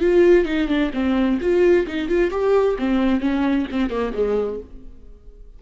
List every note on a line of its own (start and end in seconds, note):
0.00 0.45 F4
0.45 0.68 D#4
0.68 0.91 D4
0.93 1.39 C4
1.40 1.86 F4
1.86 2.08 D#4
2.08 2.30 F4
2.30 2.76 G4
2.78 3.20 C4
3.20 3.66 C#4
3.71 3.90 C4
3.90 4.13 A#3
4.13 4.59 G#3